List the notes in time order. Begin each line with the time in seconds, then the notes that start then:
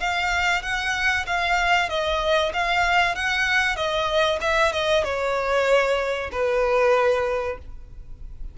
0.00 F5
0.63 F#5
1.27 F5
1.89 D#5
2.53 F5
3.16 F#5
3.76 D#5
4.41 E5
4.73 D#5
5.04 C#5
6.32 B4